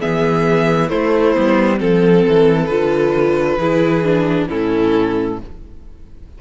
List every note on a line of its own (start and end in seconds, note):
0.00 0.92 E3
0.00 0.89 B3
0.00 0.89 G#4
0.00 0.89 E5
0.89 1.34 A3
0.89 1.37 A3
0.89 1.79 E4
0.89 1.79 C5
1.35 1.81 G3
1.35 1.77 B3
1.77 2.25 F3
1.77 2.67 C4
1.77 3.58 A4
1.77 2.66 A4
2.28 2.69 E3
2.66 3.58 D3
2.66 3.60 F4
2.66 4.45 B4
3.58 4.47 E3
3.58 4.04 E4
3.58 4.48 G#4
4.04 4.49 D4
4.48 5.40 A2
4.48 5.38 C#4
4.48 5.38 E4
4.48 5.39 A4